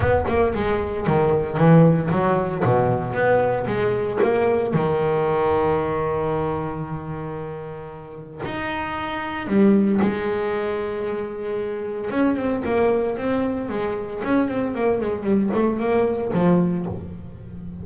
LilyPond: \new Staff \with { instrumentName = "double bass" } { \time 4/4 \tempo 4 = 114 b8 ais8 gis4 dis4 e4 | fis4 b,4 b4 gis4 | ais4 dis2.~ | dis1 |
dis'2 g4 gis4~ | gis2. cis'8 c'8 | ais4 c'4 gis4 cis'8 c'8 | ais8 gis8 g8 a8 ais4 f4 | }